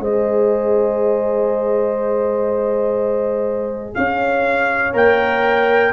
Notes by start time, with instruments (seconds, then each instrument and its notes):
0.00 tuba G#3, trombone G#4, horn C5, trumpet D#5
3.95 tuba C#4, horn C#5, trumpet F5
4.93 tuba A#3, trombone A#4, trumpet G5